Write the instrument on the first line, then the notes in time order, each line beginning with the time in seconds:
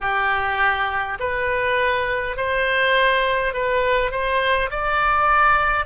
oboe
0.01 G4
1.19 B4
2.36 C5
3.53 B4
4.11 C5
4.70 D5